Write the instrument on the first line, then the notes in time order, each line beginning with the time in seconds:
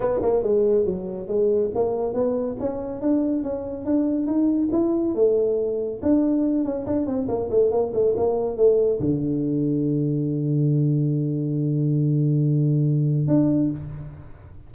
tuba
0.00 B3
0.22 A#3
0.43 G#3
0.85 F#3
1.27 G#3
1.74 A#3
2.13 B3
2.59 C#4
3.01 D4
3.43 C#4
3.85 D4
4.26 D#4
4.71 E4
5.14 A3
6.02 D4
6.64 C#4
6.86 D4
7.06 C4
7.28 A#3
7.50 A3
7.71 A#3
7.93 A3
8.16 A#3
8.56 A3
9.00 D3
13.27 D4